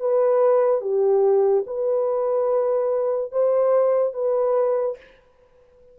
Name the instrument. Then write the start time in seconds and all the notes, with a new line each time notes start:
horn
0.00 B4
0.81 G4
1.67 B4
3.32 C5
4.14 B4